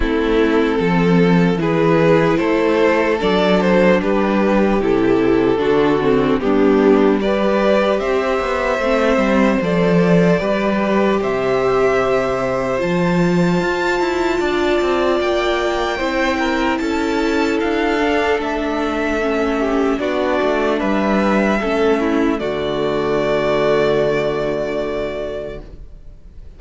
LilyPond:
<<
  \new Staff \with { instrumentName = "violin" } { \time 4/4 \tempo 4 = 75 a'2 b'4 c''4 | d''8 c''8 b'4 a'2 | g'4 d''4 e''2 | d''2 e''2 |
a''2. g''4~ | g''4 a''4 f''4 e''4~ | e''4 d''4 e''2 | d''1 | }
  \new Staff \with { instrumentName = "violin" } { \time 4/4 e'4 a'4 gis'4 a'4~ | a'4 g'2 fis'4 | d'4 b'4 c''2~ | c''4 b'4 c''2~ |
c''2 d''2 | c''8 ais'8 a'2.~ | a'8 g'8 fis'4 b'4 a'8 e'8 | fis'1 | }
  \new Staff \with { instrumentName = "viola" } { \time 4/4 c'2 e'2 | d'2 e'4 d'8 c'8 | b4 g'2 c'4 | a'4 g'2. |
f'1 | e'2~ e'8 d'4. | cis'4 d'2 cis'4 | a1 | }
  \new Staff \with { instrumentName = "cello" } { \time 4/4 a4 f4 e4 a4 | fis4 g4 c4 d4 | g2 c'8 b8 a8 g8 | f4 g4 c2 |
f4 f'8 e'8 d'8 c'8 ais4 | c'4 cis'4 d'4 a4~ | a4 b8 a8 g4 a4 | d1 | }
>>